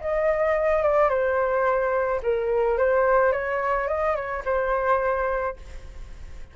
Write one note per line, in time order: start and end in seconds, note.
0.00 0.82 D#5
0.82 1.09 D5
1.09 2.20 C5
2.22 2.77 A#4
2.77 3.32 C5
3.32 3.87 C#5
3.88 4.15 D#5
4.15 4.43 C#5
4.45 5.56 C5